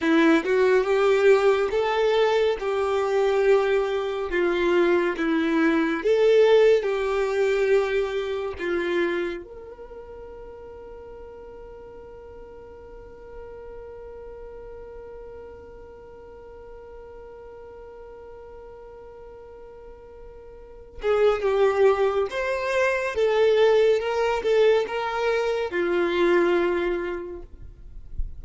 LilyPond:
\new Staff \with { instrumentName = "violin" } { \time 4/4 \tempo 4 = 70 e'8 fis'8 g'4 a'4 g'4~ | g'4 f'4 e'4 a'4 | g'2 f'4 ais'4~ | ais'1~ |
ais'1~ | ais'1~ | ais'8 gis'8 g'4 c''4 a'4 | ais'8 a'8 ais'4 f'2 | }